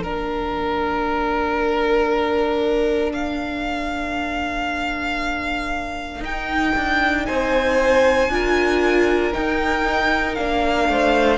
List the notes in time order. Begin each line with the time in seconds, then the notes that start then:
0.00 A#3 D4 A#4
3.13 F5
6.20 D#4 G5
6.75 D4
7.25 C4 C5 G#5
8.28 D4 F4 A#4
9.33 D#4 G5
10.34 A#3 D4 F5
10.88 A3 C5